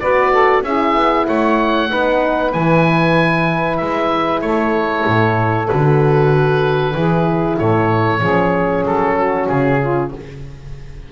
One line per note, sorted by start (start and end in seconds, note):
0.00 0.63 B3
0.00 0.66 F#4
0.00 0.31 B4
0.00 0.63 D5
0.31 0.63 A4
0.63 0.94 C#4
0.63 1.90 E4
0.63 1.26 G#4
0.63 1.27 E5
0.95 1.27 B3
1.26 1.91 A3
1.26 1.89 C#5
1.26 2.52 F#5
1.90 2.54 B3
1.90 2.52 D#4
1.90 4.43 B4
2.52 3.81 E3
2.52 5.67 E4
2.52 3.77 G#5
3.77 4.41 G#3
3.77 4.40 E5
4.41 5.05 A3
4.41 6.95 A4
4.41 5.67 C#5
5.06 5.69 A2
5.67 6.94 D3
5.67 6.95 F#4
5.67 7.57 B4
6.94 7.57 E3
6.94 8.21 E4
6.94 7.58 G#4
7.58 8.20 A2
7.58 8.20 A4
7.58 8.85 C#5
8.20 8.83 F3
8.20 10.11 C#4
8.20 9.15 G#4
8.84 9.47 F#3
8.84 9.47 A4
9.16 9.79 F#4
9.47 10.12 C#3
9.47 10.11 G#4
9.80 10.12 F4